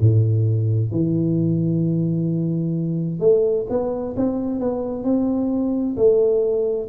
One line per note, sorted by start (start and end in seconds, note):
0.00 0.91 A2
0.91 3.20 E3
3.20 3.66 A3
3.69 4.15 B3
4.16 4.59 C4
4.59 5.03 B3
5.03 5.96 C4
5.96 6.89 A3